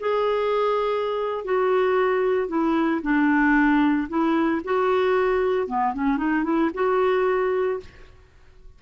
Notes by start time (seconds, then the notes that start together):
0.00 G#4
1.45 F#4
2.49 E4
3.02 D4
4.09 E4
4.65 F#4
5.68 B3
5.94 C#4
6.18 D#4
6.44 E4
6.75 F#4